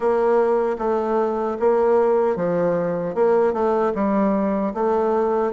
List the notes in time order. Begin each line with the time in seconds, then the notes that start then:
0.00 A#3
0.78 A3
1.59 A#3
2.35 F3
3.14 A#3
3.53 A3
3.94 G3
4.74 A3